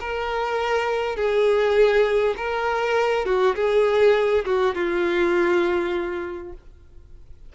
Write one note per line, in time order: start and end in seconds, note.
0.00 1.16 A#4
1.16 2.35 G#4
2.37 3.25 A#4
3.25 3.55 F#4
3.55 4.44 G#4
4.45 4.74 F#4
4.74 6.53 F4